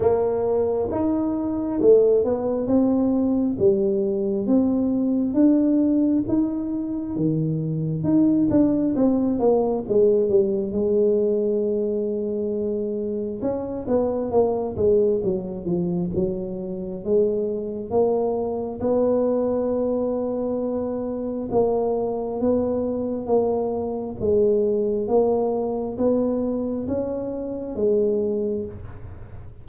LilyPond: \new Staff \with { instrumentName = "tuba" } { \time 4/4 \tempo 4 = 67 ais4 dis'4 a8 b8 c'4 | g4 c'4 d'4 dis'4 | dis4 dis'8 d'8 c'8 ais8 gis8 g8 | gis2. cis'8 b8 |
ais8 gis8 fis8 f8 fis4 gis4 | ais4 b2. | ais4 b4 ais4 gis4 | ais4 b4 cis'4 gis4 | }